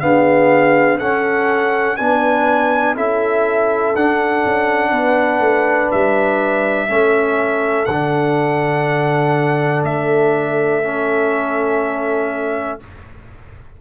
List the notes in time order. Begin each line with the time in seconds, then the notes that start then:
0.00 B3 D4 G#4 F5
0.98 C#4 A4 F#5
1.97 B3 D4 B4 G#5
2.95 C#4 E4 A4 E5
3.95 D4 F#5
4.45 C#4
4.91 B3 B4
5.39 A3
5.91 G3 E5
6.88 A3 C#4 A4
7.86 D3 D4 F#5
9.83 A3 E5
10.83 C#4